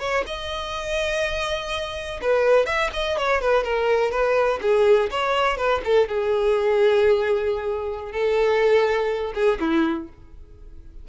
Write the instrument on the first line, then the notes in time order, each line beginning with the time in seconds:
violin
0.00 C#5
0.27 D#5
2.22 B4
2.66 E5
2.94 D#5
3.18 C#5
3.42 B4
3.64 A#4
4.12 B4
4.62 G#4
5.11 C#5
5.57 B4
5.85 A4
6.09 G#4
8.12 A4
9.35 G#4
9.60 E4